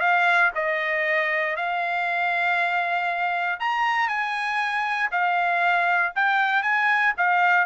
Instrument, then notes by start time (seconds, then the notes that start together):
trumpet
0.00 F5
0.55 D#5
1.56 F5
3.60 A#5
4.08 G#5
5.11 F5
6.15 G5
6.62 G#5
7.17 F5